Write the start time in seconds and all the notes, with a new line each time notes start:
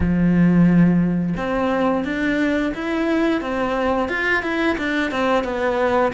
0.00 F3
1.36 C4
2.04 D4
2.74 E4
3.41 C4
4.08 F4
4.43 E4
4.78 D4
5.11 C4
5.44 B3